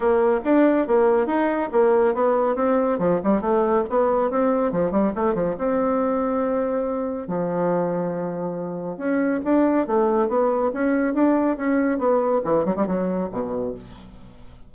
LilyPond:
\new Staff \with { instrumentName = "bassoon" } { \time 4/4 \tempo 4 = 140 ais4 d'4 ais4 dis'4 | ais4 b4 c'4 f8 g8 | a4 b4 c'4 f8 g8 | a8 f8 c'2.~ |
c'4 f2.~ | f4 cis'4 d'4 a4 | b4 cis'4 d'4 cis'4 | b4 e8 fis16 g16 fis4 b,4 | }